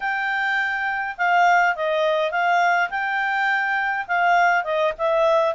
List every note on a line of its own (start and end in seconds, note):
0.00 1.16 G5
1.17 1.75 F5
1.75 2.31 D#5
2.31 2.89 F5
2.90 4.06 G5
4.07 4.63 F5
4.63 4.92 D#5
4.98 5.54 E5